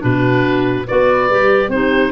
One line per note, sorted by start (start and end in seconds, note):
0.00 0.88 B2
0.00 0.84 D4
0.00 0.86 F#4
0.00 0.87 B4
0.86 1.29 B3
0.86 1.30 F#4
0.86 1.70 B4
0.86 1.70 D5
1.29 1.68 G3
1.29 1.72 G4
1.68 2.10 C4
1.68 2.12 D#4
1.68 2.12 G4
1.68 2.12 C5